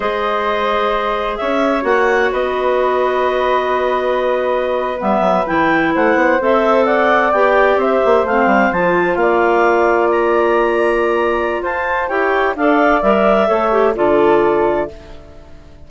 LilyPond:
<<
  \new Staff \with { instrumentName = "clarinet" } { \time 4/4 \tempo 4 = 129 dis''2. e''4 | fis''4 dis''2.~ | dis''2~ dis''8. e''4 g''16~ | g''8. fis''4 e''4 fis''4 g''16~ |
g''8. e''4 f''4 a''4 f''16~ | f''4.~ f''16 ais''2~ ais''16~ | ais''4 a''4 g''4 f''4 | e''2 d''2 | }
  \new Staff \with { instrumentName = "flute" } { \time 4/4 c''2. cis''4~ | cis''4 b'2.~ | b'1~ | b'8. c''2 d''4~ d''16~ |
d''8. c''2. d''16~ | d''1~ | d''4 c''4 cis''4 d''4~ | d''4 cis''4 a'2 | }
  \new Staff \with { instrumentName = "clarinet" } { \time 4/4 gis'1 | fis'1~ | fis'2~ fis'8. b4 e'16~ | e'4.~ e'16 a'2 g'16~ |
g'4.~ g'16 c'4 f'4~ f'16~ | f'1~ | f'2 g'4 a'4 | ais'4 a'8 g'8 f'2 | }
  \new Staff \with { instrumentName = "bassoon" } { \time 4/4 gis2. cis'4 | ais4 b2.~ | b2~ b8. g8 fis8 e16~ | e8. a8 b8 c'2 b16~ |
b8. c'8 ais8 a8 g8 f4 ais16~ | ais1~ | ais4 f'4 e'4 d'4 | g4 a4 d2 | }
>>